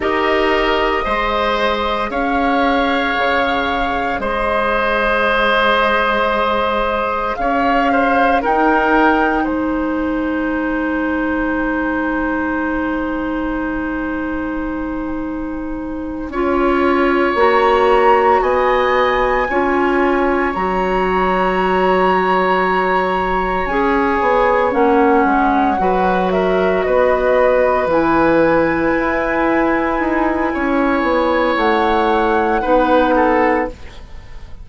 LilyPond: <<
  \new Staff \with { instrumentName = "flute" } { \time 4/4 \tempo 4 = 57 dis''2 f''2 | dis''2. f''4 | g''4 gis''2.~ | gis''1~ |
gis''8 ais''4 gis''2 ais''8~ | ais''2~ ais''8 gis''4 fis''8~ | fis''4 e''8 dis''4 gis''4.~ | gis''2 fis''2 | }
  \new Staff \with { instrumentName = "oboe" } { \time 4/4 ais'4 c''4 cis''2 | c''2. cis''8 c''8 | ais'4 c''2.~ | c''2.~ c''8 cis''8~ |
cis''4. dis''4 cis''4.~ | cis''1~ | cis''8 b'8 ais'8 b'2~ b'8~ | b'4 cis''2 b'8 a'8 | }
  \new Staff \with { instrumentName = "clarinet" } { \time 4/4 g'4 gis'2.~ | gis'1 | dis'1~ | dis'2.~ dis'8 f'8~ |
f'8 fis'2 f'4 fis'8~ | fis'2~ fis'8 gis'4 cis'8~ | cis'8 fis'2 e'4.~ | e'2. dis'4 | }
  \new Staff \with { instrumentName = "bassoon" } { \time 4/4 dis'4 gis4 cis'4 cis4 | gis2. cis'4 | dis'4 gis2.~ | gis2.~ gis8 cis'8~ |
cis'8 ais4 b4 cis'4 fis8~ | fis2~ fis8 cis'8 b8 ais8 | gis8 fis4 b4 e4 e'8~ | e'8 dis'8 cis'8 b8 a4 b4 | }
>>